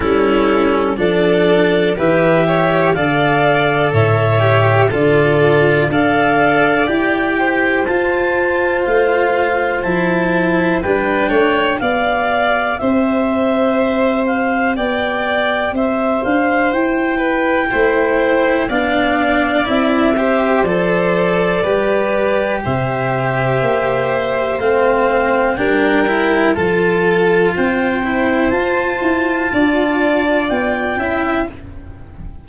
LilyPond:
<<
  \new Staff \with { instrumentName = "clarinet" } { \time 4/4 \tempo 4 = 61 a'4 d''4 e''4 f''4 | e''4 d''4 f''4 g''4 | a''4 f''4 a''4 g''4 | f''4 e''4. f''8 g''4 |
e''8 f''8 g''2 f''4 | e''4 d''2 e''4~ | e''4 f''4 g''4 a''4 | g''4 a''2 g''4 | }
  \new Staff \with { instrumentName = "violin" } { \time 4/4 e'4 a'4 b'8 cis''8 d''4 | cis''4 a'4 d''4. c''8~ | c''2. b'8 cis''8 | d''4 c''2 d''4 |
c''4. b'8 c''4 d''4~ | d''8 c''4. b'4 c''4~ | c''2 ais'4 a'4 | c''2 d''4. e''8 | }
  \new Staff \with { instrumentName = "cello" } { \time 4/4 cis'4 d'4 g'4 a'4~ | a'8 g'8 f'4 a'4 g'4 | f'2 e'4 d'4 | g'1~ |
g'2 e'4 d'4 | e'8 g'8 a'4 g'2~ | g'4 c'4 d'8 e'8 f'4~ | f'8 e'8 f'2~ f'8 e'8 | }
  \new Staff \with { instrumentName = "tuba" } { \time 4/4 g4 f4 e4 d4 | a,4 d4 d'4 e'4 | f'4 a4 f4 g8 a8 | b4 c'2 b4 |
c'8 d'8 e'4 a4 b4 | c'4 f4 g4 c4 | ais4 a4 g4 f4 | c'4 f'8 e'8 d'4 b8 cis'8 | }
>>